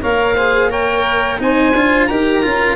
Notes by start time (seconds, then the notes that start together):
0.00 A#3 A#4 C#5 F5
0.35 G#4 C5
0.69 A#4 C#5 G5
1.38 C4 D#4 C5 G#5
1.73 D4 F4
2.06 D#4 G4 A#4 A#5
2.42 C#4 F4